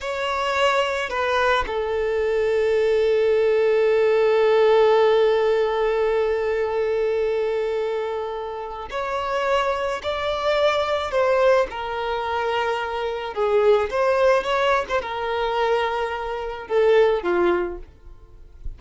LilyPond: \new Staff \with { instrumentName = "violin" } { \time 4/4 \tempo 4 = 108 cis''2 b'4 a'4~ | a'1~ | a'1~ | a'1 |
cis''2 d''2 | c''4 ais'2. | gis'4 c''4 cis''8. c''16 ais'4~ | ais'2 a'4 f'4 | }